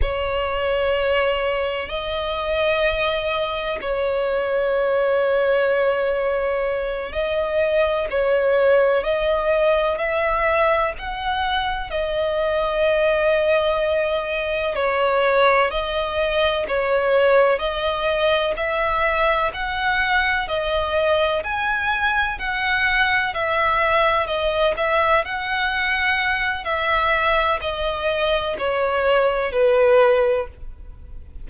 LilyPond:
\new Staff \with { instrumentName = "violin" } { \time 4/4 \tempo 4 = 63 cis''2 dis''2 | cis''2.~ cis''8 dis''8~ | dis''8 cis''4 dis''4 e''4 fis''8~ | fis''8 dis''2. cis''8~ |
cis''8 dis''4 cis''4 dis''4 e''8~ | e''8 fis''4 dis''4 gis''4 fis''8~ | fis''8 e''4 dis''8 e''8 fis''4. | e''4 dis''4 cis''4 b'4 | }